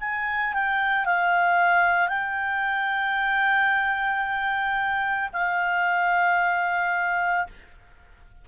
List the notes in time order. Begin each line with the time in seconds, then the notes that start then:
0.00 G#5
0.54 G5
1.05 F5
2.08 G5
5.33 F5